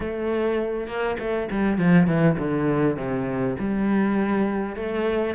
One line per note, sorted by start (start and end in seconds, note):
0.00 0.87 A3
0.87 1.17 A#3
1.19 1.49 A3
1.51 1.77 G3
1.77 2.07 F3
2.07 2.37 E3
2.38 2.96 D3
2.96 3.56 C3
3.59 4.76 G3
4.76 5.35 A3